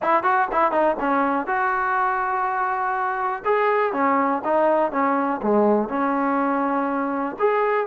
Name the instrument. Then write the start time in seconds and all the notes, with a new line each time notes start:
trombone
0.02 E4
0.23 F#4
0.51 E4
0.71 D#4
0.99 C#4
1.46 F#4
3.44 G#4
3.92 C#4
4.44 D#4
4.91 C#4
5.42 G#3
5.88 C#4
7.39 G#4